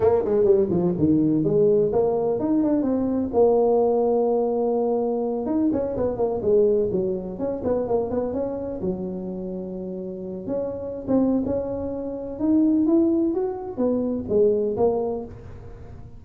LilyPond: \new Staff \with { instrumentName = "tuba" } { \time 4/4 \tempo 4 = 126 ais8 gis8 g8 f8 dis4 gis4 | ais4 dis'8 d'8 c'4 ais4~ | ais2.~ ais8 dis'8 | cis'8 b8 ais8 gis4 fis4 cis'8 |
b8 ais8 b8 cis'4 fis4.~ | fis2 cis'4~ cis'16 c'8. | cis'2 dis'4 e'4 | fis'4 b4 gis4 ais4 | }